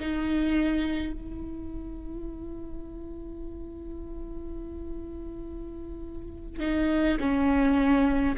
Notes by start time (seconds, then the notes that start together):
0.00 D#4
1.13 E4
6.60 D#4
7.20 C#4